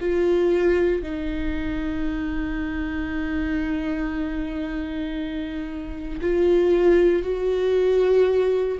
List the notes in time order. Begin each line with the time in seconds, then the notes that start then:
0.00 F4
1.03 D#4
6.21 F4
7.23 F#4